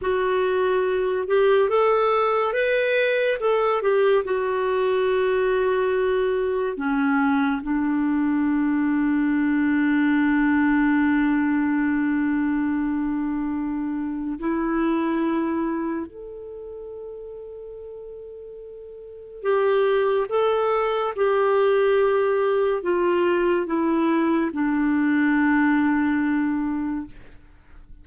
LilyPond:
\new Staff \with { instrumentName = "clarinet" } { \time 4/4 \tempo 4 = 71 fis'4. g'8 a'4 b'4 | a'8 g'8 fis'2. | cis'4 d'2.~ | d'1~ |
d'4 e'2 a'4~ | a'2. g'4 | a'4 g'2 f'4 | e'4 d'2. | }